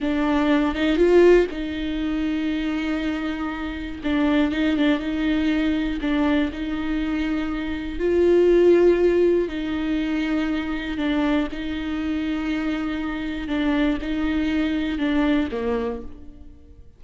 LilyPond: \new Staff \with { instrumentName = "viola" } { \time 4/4 \tempo 4 = 120 d'4. dis'8 f'4 dis'4~ | dis'1 | d'4 dis'8 d'8 dis'2 | d'4 dis'2. |
f'2. dis'4~ | dis'2 d'4 dis'4~ | dis'2. d'4 | dis'2 d'4 ais4 | }